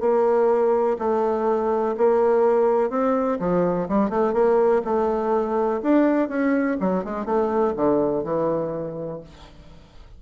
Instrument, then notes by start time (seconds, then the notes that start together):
bassoon
0.00 A#3
0.98 A3
1.97 A#3
2.89 C4
3.39 F3
3.88 G3
4.10 A3
4.33 A#3
4.84 A3
5.83 D4
6.28 C#4
6.80 F#3
7.04 G#3
7.25 A3
7.76 D3
8.23 E3